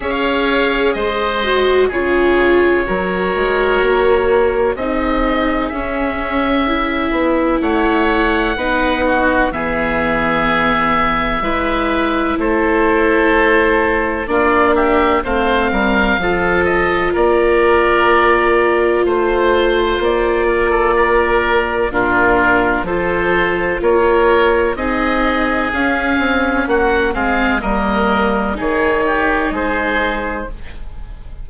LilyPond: <<
  \new Staff \with { instrumentName = "oboe" } { \time 4/4 \tempo 4 = 63 f''4 dis''4 cis''2~ | cis''4 dis''4 e''2 | fis''2 e''2~ | e''4 c''2 d''8 e''8 |
f''4. dis''8 d''2 | c''4 d''2 ais'4 | c''4 cis''4 dis''4 f''4 | fis''8 f''8 dis''4 cis''4 c''4 | }
  \new Staff \with { instrumentName = "oboe" } { \time 4/4 cis''4 c''4 gis'4 ais'4~ | ais'4 gis'2. | cis''4 b'8 fis'8 gis'2 | b'4 a'2 f'8 g'8 |
c''8 ais'8 a'4 ais'2 | c''4. ais'16 a'16 ais'4 f'4 | a'4 ais'4 gis'2 | fis'8 gis'8 ais'4 gis'8 g'8 gis'4 | }
  \new Staff \with { instrumentName = "viola" } { \time 4/4 gis'4. fis'8 f'4 fis'4~ | fis'4 dis'4 cis'4 e'4~ | e'4 dis'4 b2 | e'2. d'4 |
c'4 f'2.~ | f'2. d'4 | f'2 dis'4 cis'4~ | cis'8 c'8 ais4 dis'2 | }
  \new Staff \with { instrumentName = "bassoon" } { \time 4/4 cis'4 gis4 cis4 fis8 gis8 | ais4 c'4 cis'4. b8 | a4 b4 e2 | gis4 a2 ais4 |
a8 g8 f4 ais2 | a4 ais2 ais,4 | f4 ais4 c'4 cis'8 c'8 | ais8 gis8 g4 dis4 gis4 | }
>>